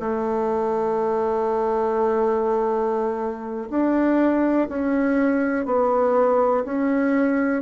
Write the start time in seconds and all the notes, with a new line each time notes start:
0.00 A3
3.70 D4
4.69 C#4
5.66 B3
6.65 C#4